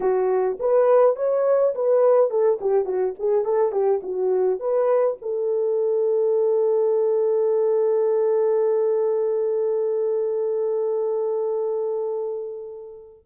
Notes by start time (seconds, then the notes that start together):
0.00 F#4
0.59 B4
1.16 C#5
1.75 B4
2.30 A4
2.60 G4
2.85 F#4
3.18 G#4
3.44 A4
3.72 G4
4.02 F#4
4.59 B4
5.21 A4